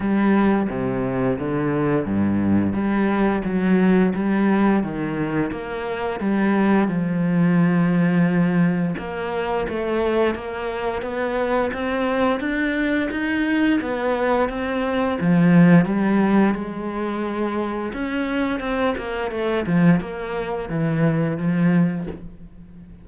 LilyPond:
\new Staff \with { instrumentName = "cello" } { \time 4/4 \tempo 4 = 87 g4 c4 d4 g,4 | g4 fis4 g4 dis4 | ais4 g4 f2~ | f4 ais4 a4 ais4 |
b4 c'4 d'4 dis'4 | b4 c'4 f4 g4 | gis2 cis'4 c'8 ais8 | a8 f8 ais4 e4 f4 | }